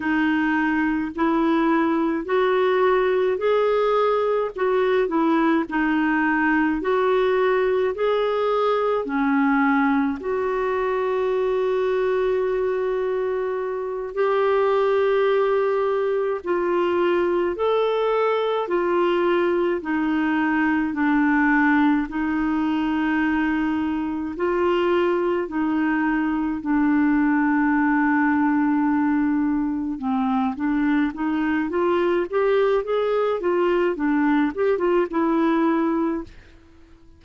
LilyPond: \new Staff \with { instrumentName = "clarinet" } { \time 4/4 \tempo 4 = 53 dis'4 e'4 fis'4 gis'4 | fis'8 e'8 dis'4 fis'4 gis'4 | cis'4 fis'2.~ | fis'8 g'2 f'4 a'8~ |
a'8 f'4 dis'4 d'4 dis'8~ | dis'4. f'4 dis'4 d'8~ | d'2~ d'8 c'8 d'8 dis'8 | f'8 g'8 gis'8 f'8 d'8 g'16 f'16 e'4 | }